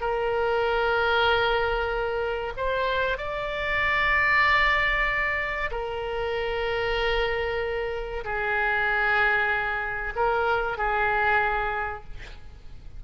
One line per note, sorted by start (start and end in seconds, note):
0.00 2.53 A#4
2.57 3.18 C5
3.18 5.70 D5
5.71 8.24 A#4
8.24 10.13 G#4
10.15 10.77 A#4
10.77 12.04 G#4